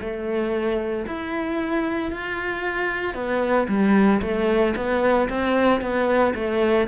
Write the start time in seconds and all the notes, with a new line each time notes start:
0.00 A3
1.06 E4
2.11 F4
3.14 B3
3.68 G3
4.22 A3
4.76 B3
5.29 C4
5.81 B3
6.34 A3